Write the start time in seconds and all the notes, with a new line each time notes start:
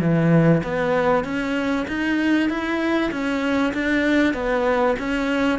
0.00 E3
0.63 B3
1.24 C#4
1.87 D#4
2.49 E4
3.11 C#4
3.73 D4
4.34 B3
4.98 C#4